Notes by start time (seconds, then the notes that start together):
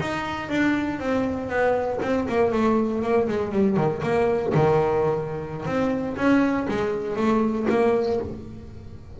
0.00 D#4
0.49 D4
0.99 C4
1.49 B3
2.02 C4
2.28 A#3
2.52 A3
3.02 A#3
3.28 G#3
3.52 G3
3.76 D#3
4.02 A#3
4.54 D#3
5.66 C4
6.17 C#4
6.68 G#3
7.16 A3
7.69 A#3